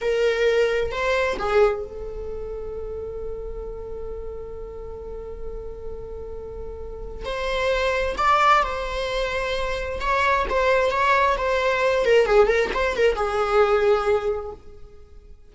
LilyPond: \new Staff \with { instrumentName = "viola" } { \time 4/4 \tempo 4 = 132 ais'2 c''4 gis'4 | a'1~ | a'1~ | a'1 |
c''2 d''4 c''4~ | c''2 cis''4 c''4 | cis''4 c''4. ais'8 gis'8 ais'8 | c''8 ais'8 gis'2. | }